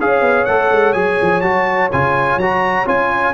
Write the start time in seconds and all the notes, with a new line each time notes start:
0.00 C#4 G#4 C#5 F5
0.21 B3
0.45 A3 A4 F#5
0.71 G#3
0.93 F#3 G#4 G#5
1.21 F3
1.41 F#3 F#4 A5
1.92 C#3 F4 G#5
2.37 F#3 F#4 A#5
2.86 C#4 F4 G#5